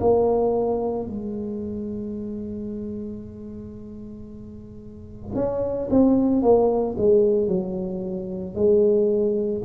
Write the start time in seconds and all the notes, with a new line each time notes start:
0.00 A#3
1.07 G#3
5.35 C#4
5.90 C4
6.42 A#3
6.98 G#3
7.48 F#3
8.55 G#3